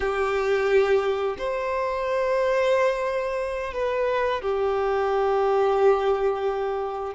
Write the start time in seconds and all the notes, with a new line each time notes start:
0.00 G4
1.38 C5
3.73 B4
4.41 G4